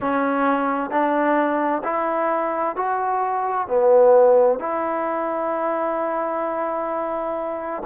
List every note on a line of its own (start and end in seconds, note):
0.00 0.90 C#4
0.90 1.82 D4
1.84 2.76 E4
2.76 3.67 F#4
3.67 4.59 B3
4.59 7.82 E4